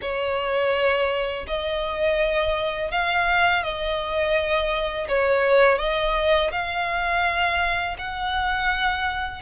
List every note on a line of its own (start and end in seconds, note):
0.01 1.46 C#5
1.47 2.91 D#5
2.91 3.63 F5
3.63 5.07 D#5
5.08 5.78 C#5
5.78 6.50 D#5
6.51 7.96 F5
7.98 9.41 F#5